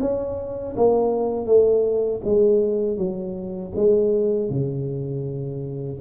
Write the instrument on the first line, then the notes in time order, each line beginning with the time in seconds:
tuba
0.00 C#4
0.76 A#3
1.46 A3
2.24 G#3
2.97 F#3
3.75 G#3
4.50 C#3